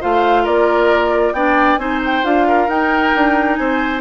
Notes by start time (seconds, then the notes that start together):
0.00 A3 F4 C5 F5
0.43 A#3 A#4 D5
1.32 B3 D4 D5 G5
1.77 C4 D#4 C5 G#5
2.05 G5
2.23 D4 F4 F5
2.47 A#4
2.67 D#4 G5
3.15 D4
3.55 C4 C5 G#5